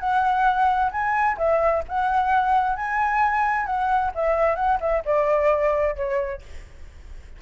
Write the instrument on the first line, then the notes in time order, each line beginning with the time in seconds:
flute
0.00 F#5
0.92 G#5
1.38 E5
1.89 F#5
2.76 G#5
3.66 F#5
4.15 E5
4.56 F#5
4.80 E5
5.05 D5
5.96 C#5